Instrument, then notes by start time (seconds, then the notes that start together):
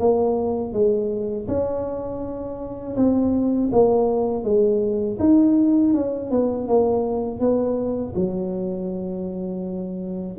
tuba
0.00 A#3
0.73 G#3
1.48 C#4
2.97 C4
3.73 A#3
4.44 G#3
5.20 D#4
5.94 C#4
6.31 B3
6.68 A#3
7.40 B3
8.15 F#3